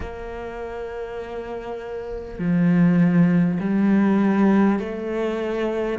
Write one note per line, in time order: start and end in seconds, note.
0.00 2.38 A#3
2.38 3.58 F3
3.60 4.79 G3
4.79 5.99 A3